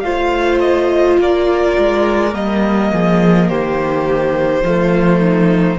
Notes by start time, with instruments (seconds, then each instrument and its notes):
0.00 cello A3, viola F4, violin C5 F5
0.59 violin D#5
1.19 cello A#3, violin A#4 D5
1.77 cello G#3
2.32 cello G3, viola A#3, violin D#5
2.92 cello F3, violin G#4
3.48 cello D#3, violin G4 C5
4.62 cello F3, viola A3, violin F4
5.19 violin D#4